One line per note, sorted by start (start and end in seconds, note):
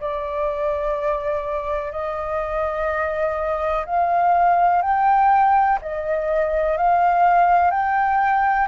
0.00 1.92 D5
1.92 3.85 D#5
3.86 4.82 F5
4.82 5.79 G5
5.82 6.77 D#5
6.77 7.71 F5
7.71 8.68 G5